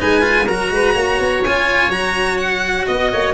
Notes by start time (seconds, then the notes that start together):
0.00 G#3 D#4 B4 G#5
0.22 F4
0.46 F#3 F#4 A#4 A#5
0.72 G#3 B4
0.94 A#3 C#5
1.20 B3
1.45 C#4 F4 G#5
1.89 F#3 F#4 A#5
2.38 F#5
2.87 B3 D#5
3.12 A#3 C#5